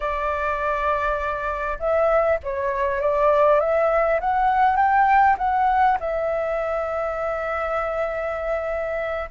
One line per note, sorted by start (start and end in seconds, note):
0.00 1.78 D5
1.79 2.39 E5
2.43 3.00 C#5
3.00 3.60 D5
3.60 4.20 E5
4.20 4.76 F#5
4.76 5.36 G5
5.38 5.98 F#5
5.99 9.29 E5